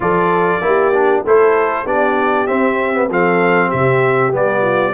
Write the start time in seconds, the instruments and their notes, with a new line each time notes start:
0.00 tuba F3, trombone F4, horn A4, trumpet D5
0.61 tuba A#3, trombone E4, horn G4
0.94 trombone D4
1.23 tuba A3, trombone E4, horn A4, trumpet C5
1.85 tuba B3, trombone D4, horn G4, trumpet D5
2.46 trombone C4, tuba C4, trumpet E5
2.93 trombone B3
3.09 tuba F3, trombone C4, horn A4, trumpet F5
3.68 tuba C3, horn G4, trumpet E5
4.31 tuba G3, trombone B3, trumpet D5
4.61 horn F4